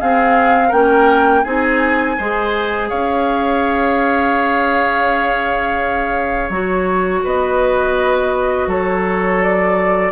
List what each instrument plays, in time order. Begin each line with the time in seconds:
0.00 clarinet C4, bassoon C4, oboe G#4, flute F5
0.68 bassoon A#3, clarinet C#4, oboe A#4, flute G5
1.44 bassoon C4, clarinet D#4, oboe G#4, flute G#5
2.18 bassoon G#3, clarinet G#4, oboe C5
2.89 bassoon C#4, oboe C#5, flute F5
6.49 bassoon F#3, clarinet F#4, flute C#5
7.24 bassoon B3, oboe B4, flute D#5
8.67 bassoon F#3, oboe A4, flute C#5
9.42 flute D5